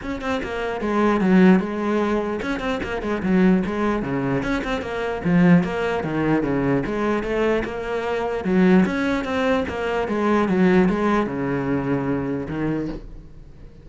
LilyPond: \new Staff \with { instrumentName = "cello" } { \time 4/4 \tempo 4 = 149 cis'8 c'8 ais4 gis4 fis4 | gis2 cis'8 c'8 ais8 gis8 | fis4 gis4 cis4 cis'8 c'8 | ais4 f4 ais4 dis4 |
cis4 gis4 a4 ais4~ | ais4 fis4 cis'4 c'4 | ais4 gis4 fis4 gis4 | cis2. dis4 | }